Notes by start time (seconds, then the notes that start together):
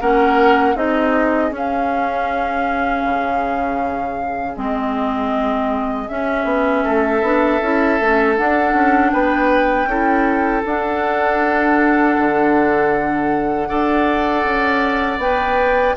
0.00 A#3 C#4 A#4 F#5
0.75 C4 D#4 G#4 D#5
1.50 C#4
1.57 F5
3.04 C#3
4.56 G#3 C4 D#5
6.08 C#4 E5
6.44 B3
6.83 A3 A4
7.22 B3 D4
7.61 C#4 E4
8.00 A3 C#4
8.36 D4 F#5
8.73 C#4
9.11 B3 B4 G5
9.85 C#4 E4 A4
10.64 D4 F#5
12.18 D3
13.68 D4 A4 D5
14.44 C#4
15.17 B3 B4 G5